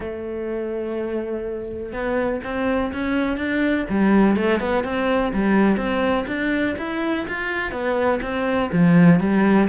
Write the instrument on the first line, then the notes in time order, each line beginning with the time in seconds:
cello
0.00 A3
1.92 B3
2.43 C4
2.93 C#4
3.37 D4
3.89 G3
4.36 A3
4.60 B3
4.83 C4
5.33 G3
5.76 C4
6.27 D4
6.77 E4
7.27 F4
7.71 B3
8.21 C4
8.72 F3
9.20 G3